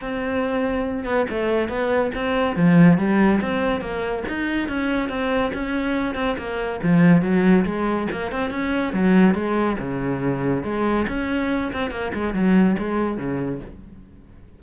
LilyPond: \new Staff \with { instrumentName = "cello" } { \time 4/4 \tempo 4 = 141 c'2~ c'8 b8 a4 | b4 c'4 f4 g4 | c'4 ais4 dis'4 cis'4 | c'4 cis'4. c'8 ais4 |
f4 fis4 gis4 ais8 c'8 | cis'4 fis4 gis4 cis4~ | cis4 gis4 cis'4. c'8 | ais8 gis8 fis4 gis4 cis4 | }